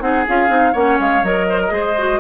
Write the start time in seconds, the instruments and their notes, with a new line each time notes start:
0.00 bassoon C4, clarinet D#4, oboe G#4, flute F#5
0.28 bassoon C#4, clarinet F4, flute F5
0.48 bassoon C4, clarinet D#4
0.72 bassoon A#3, clarinet C#4, oboe C#5, flute F#5
1.00 bassoon G#3, flute F5
1.23 bassoon F#3, clarinet A#4, flute D#5
1.49 oboe C5
1.61 oboe A#4
1.68 bassoon G#3, clarinet G#4, oboe C5
1.98 clarinet F#4